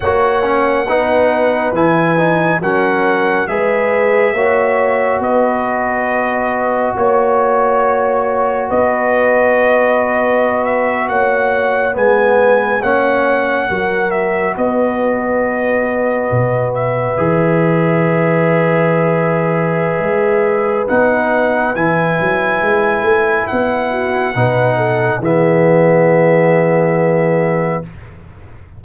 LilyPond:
<<
  \new Staff \with { instrumentName = "trumpet" } { \time 4/4 \tempo 4 = 69 fis''2 gis''4 fis''4 | e''2 dis''2 | cis''2 dis''2~ | dis''16 e''8 fis''4 gis''4 fis''4~ fis''16~ |
fis''16 e''8 dis''2~ dis''8 e''8.~ | e''1 | fis''4 gis''2 fis''4~ | fis''4 e''2. | }
  \new Staff \with { instrumentName = "horn" } { \time 4/4 cis''4 b'2 ais'4 | b'4 cis''4 b'2 | cis''2 b'2~ | b'8. cis''4 b'4 cis''4 ais'16~ |
ais'8. b'2.~ b'16~ | b'1~ | b'2.~ b'8 fis'8 | b'8 a'8 gis'2. | }
  \new Staff \with { instrumentName = "trombone" } { \time 4/4 fis'8 cis'8 dis'4 e'8 dis'8 cis'4 | gis'4 fis'2.~ | fis'1~ | fis'4.~ fis'16 b4 cis'4 fis'16~ |
fis'2.~ fis'8. gis'16~ | gis'1 | dis'4 e'2. | dis'4 b2. | }
  \new Staff \with { instrumentName = "tuba" } { \time 4/4 ais4 b4 e4 fis4 | gis4 ais4 b2 | ais2 b2~ | b8. ais4 gis4 ais4 fis16~ |
fis8. b2 b,4 e16~ | e2. gis4 | b4 e8 fis8 gis8 a8 b4 | b,4 e2. | }
>>